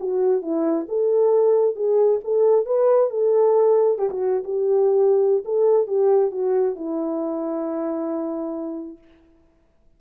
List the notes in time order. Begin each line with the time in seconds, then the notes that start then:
0.00 F#4
0.42 E4
0.89 A4
1.76 G#4
2.24 A4
2.66 B4
3.10 A4
3.99 G4
4.10 F#4
4.44 G4
5.45 A4
5.87 G4
6.32 F#4
6.76 E4